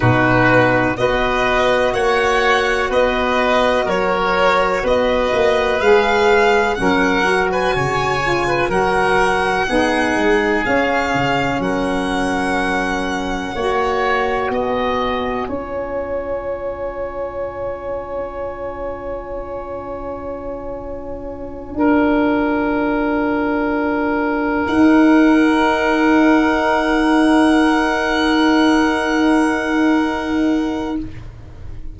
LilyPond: <<
  \new Staff \with { instrumentName = "violin" } { \time 4/4 \tempo 4 = 62 b'4 dis''4 fis''4 dis''4 | cis''4 dis''4 f''4 fis''8. gis''16~ | gis''4 fis''2 f''4 | fis''2. gis''4~ |
gis''1~ | gis''1~ | gis''4. fis''2~ fis''8~ | fis''1 | }
  \new Staff \with { instrumentName = "oboe" } { \time 4/4 fis'4 b'4 cis''4 b'4 | ais'4 b'2 ais'8. b'16 | cis''8. b'16 ais'4 gis'2 | ais'2 cis''4 dis''4 |
cis''1~ | cis''2~ cis''8 ais'4.~ | ais'1~ | ais'1 | }
  \new Staff \with { instrumentName = "saxophone" } { \time 4/4 dis'4 fis'2.~ | fis'2 gis'4 cis'8 fis'8~ | fis'8 f'8 fis'4 dis'4 cis'4~ | cis'2 fis'2 |
f'1~ | f'1~ | f'4. dis'2~ dis'8~ | dis'1 | }
  \new Staff \with { instrumentName = "tuba" } { \time 4/4 b,4 b4 ais4 b4 | fis4 b8 ais8 gis4 fis4 | cis4 fis4 b8 gis8 cis'8 cis8 | fis2 ais4 b4 |
cis'1~ | cis'2~ cis'8 d'4.~ | d'4. dis'2~ dis'8~ | dis'1 | }
>>